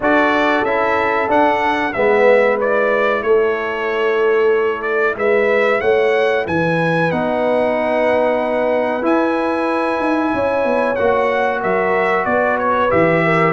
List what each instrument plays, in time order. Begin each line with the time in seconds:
0.00 tuba D4, trombone F#4, horn A4, trumpet D5
0.63 tuba C#4, trombone E4, trumpet E5
1.28 trombone D4, tuba D4, trumpet F#5
1.93 tuba G#3, trombone B3, horn B4, trumpet E5
2.60 trombone E4, trumpet D5
3.22 tuba A3, horn A4, trumpet C#5
4.82 trumpet D5
5.16 tuba G#3, horn B4, trumpet E5
5.80 tuba A3, horn C#5, trumpet F#5
6.45 tuba E3, horn B4, trumpet G#5
7.11 tuba B3, trombone D#4, trumpet F#5
9.02 tuba E4, trombone E4, trumpet G#5
9.99 tuba D#4
10.33 tuba C#4, horn C#5
10.64 tuba B3
10.95 tuba A#3, trombone F#4, trumpet F#5
11.61 tuba F#3, horn A#4, trumpet E5
12.25 tuba B3, horn B4, trumpet D5
12.59 trumpet C#5
12.90 tuba E3, trombone G4, trumpet E5
13.24 horn A#4